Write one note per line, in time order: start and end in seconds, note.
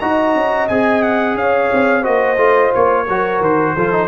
0.00 0.35 D#4
0.00 0.70 F#4
0.00 1.37 D#5
0.00 0.68 A#5
0.35 0.69 C#4
0.69 1.35 C4
0.69 2.03 G#4
0.69 1.03 G#5
1.03 1.37 F#5
1.35 1.69 C#4
1.35 2.03 C#5
1.35 2.05 F5
1.73 2.07 C4
2.03 2.37 A#3
2.03 2.37 F#4
2.03 3.05 C5
2.03 2.73 D#5
2.37 2.72 A3
2.37 3.06 F4
2.75 3.09 A#3
2.75 3.43 C#5
3.08 3.41 F#3
3.08 3.78 F#4
3.08 3.75 A#4
3.41 3.75 D#3
3.41 4.09 C5
3.75 4.09 F3
3.75 3.92 F4
3.75 4.09 A4
3.92 4.09 D#4